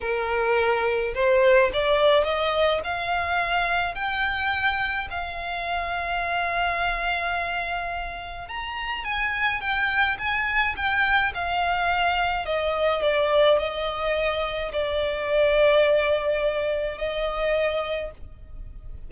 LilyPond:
\new Staff \with { instrumentName = "violin" } { \time 4/4 \tempo 4 = 106 ais'2 c''4 d''4 | dis''4 f''2 g''4~ | g''4 f''2.~ | f''2. ais''4 |
gis''4 g''4 gis''4 g''4 | f''2 dis''4 d''4 | dis''2 d''2~ | d''2 dis''2 | }